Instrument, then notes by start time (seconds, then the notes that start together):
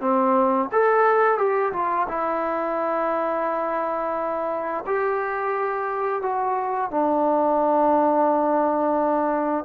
trombone
0.00 C4
0.72 A4
1.37 G4
1.72 F4
2.08 E4
4.86 G4
6.22 F#4
6.90 D4